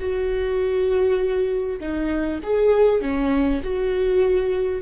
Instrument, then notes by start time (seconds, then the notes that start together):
viola
0.00 F#4
1.80 D#4
2.43 G#4
3.02 C#4
3.63 F#4